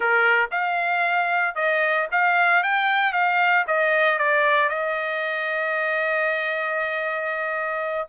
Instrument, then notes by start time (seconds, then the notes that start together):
trumpet
0.00 A#4
0.51 F5
1.55 D#5
2.11 F5
2.63 G5
3.13 F5
3.67 D#5
4.18 D5
4.69 D#5